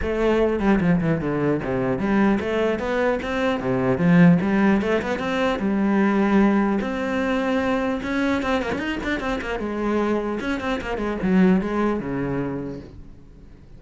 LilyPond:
\new Staff \with { instrumentName = "cello" } { \time 4/4 \tempo 4 = 150 a4. g8 f8 e8 d4 | c4 g4 a4 b4 | c'4 c4 f4 g4 | a8 b8 c'4 g2~ |
g4 c'2. | cis'4 c'8 ais16 cis'16 dis'8 d'8 c'8 ais8 | gis2 cis'8 c'8 ais8 gis8 | fis4 gis4 cis2 | }